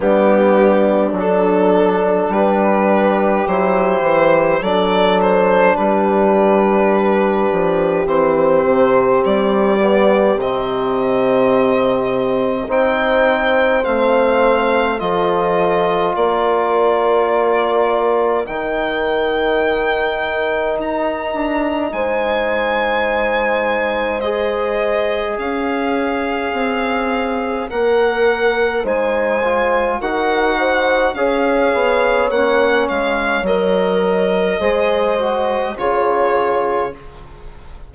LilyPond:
<<
  \new Staff \with { instrumentName = "violin" } { \time 4/4 \tempo 4 = 52 g'4 a'4 b'4 c''4 | d''8 c''8 b'2 c''4 | d''4 dis''2 g''4 | f''4 dis''4 d''2 |
g''2 ais''4 gis''4~ | gis''4 dis''4 f''2 | fis''4 gis''4 fis''4 f''4 | fis''8 f''8 dis''2 cis''4 | }
  \new Staff \with { instrumentName = "horn" } { \time 4/4 d'2 g'2 | a'4 g'2.~ | g'2. c''4~ | c''4 a'4 ais'2~ |
ais'2. c''4~ | c''2 cis''2~ | cis''4 c''4 ais'8 c''8 cis''4~ | cis''2 c''4 gis'4 | }
  \new Staff \with { instrumentName = "trombone" } { \time 4/4 b4 d'2 e'4 | d'2. c'4~ | c'8 b8 c'2 dis'4 | c'4 f'2. |
dis'1~ | dis'4 gis'2. | ais'4 dis'8 f'8 fis'4 gis'4 | cis'4 ais'4 gis'8 fis'8 f'4 | }
  \new Staff \with { instrumentName = "bassoon" } { \time 4/4 g4 fis4 g4 fis8 e8 | fis4 g4. f8 e8 c8 | g4 c2 c'4 | a4 f4 ais2 |
dis2 dis'8 d'8 gis4~ | gis2 cis'4 c'4 | ais4 gis4 dis'4 cis'8 b8 | ais8 gis8 fis4 gis4 cis4 | }
>>